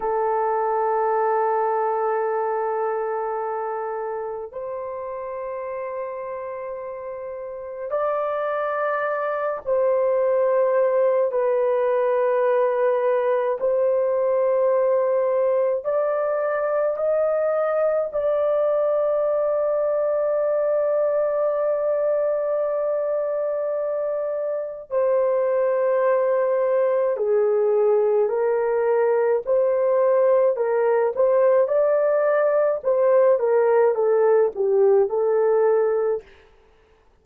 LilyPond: \new Staff \with { instrumentName = "horn" } { \time 4/4 \tempo 4 = 53 a'1 | c''2. d''4~ | d''8 c''4. b'2 | c''2 d''4 dis''4 |
d''1~ | d''2 c''2 | gis'4 ais'4 c''4 ais'8 c''8 | d''4 c''8 ais'8 a'8 g'8 a'4 | }